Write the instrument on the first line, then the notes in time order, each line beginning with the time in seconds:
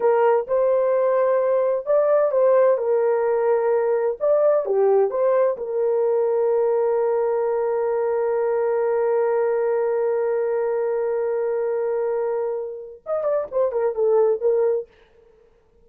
horn
0.00 A#4
0.47 C5
1.86 D5
2.31 C5
2.77 A#4
4.19 D5
4.65 G4
5.10 C5
5.57 A#4
13.06 D#5
13.23 D5
13.51 C5
13.72 A#4
13.94 A4
14.41 A#4